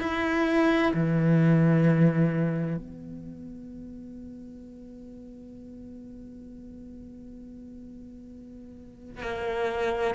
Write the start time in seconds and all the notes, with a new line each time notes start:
0.00 E4
0.94 E3
2.77 B3
9.23 A#3